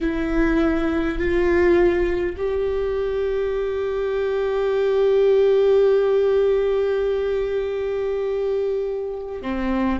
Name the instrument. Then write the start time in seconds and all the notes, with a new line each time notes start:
viola
0.01 E4
1.18 F4
2.37 G4
9.41 C4